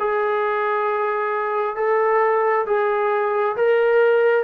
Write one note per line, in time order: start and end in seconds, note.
0.00 1.76 G#4
1.76 2.66 A4
2.67 3.56 G#4
3.57 4.45 A#4